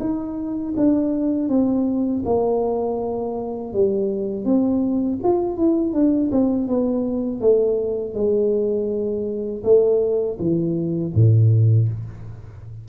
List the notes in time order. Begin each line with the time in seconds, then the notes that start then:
0.00 D#4
0.77 D4
1.49 C4
2.25 A#3
3.73 G3
4.44 C4
5.23 F4
5.57 E4
5.93 D4
6.31 C4
6.67 B3
7.40 A3
8.14 G#3
9.63 A3
10.39 E3
11.14 A2